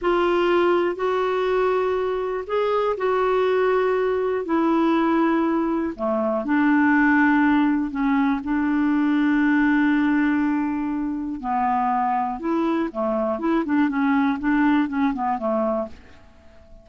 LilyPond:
\new Staff \with { instrumentName = "clarinet" } { \time 4/4 \tempo 4 = 121 f'2 fis'2~ | fis'4 gis'4 fis'2~ | fis'4 e'2. | a4 d'2. |
cis'4 d'2.~ | d'2. b4~ | b4 e'4 a4 e'8 d'8 | cis'4 d'4 cis'8 b8 a4 | }